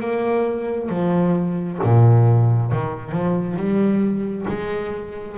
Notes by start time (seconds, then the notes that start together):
0.00 A#3
0.90 F3
1.84 A#2
2.72 D#3
3.12 F3
3.57 G3
4.48 G#3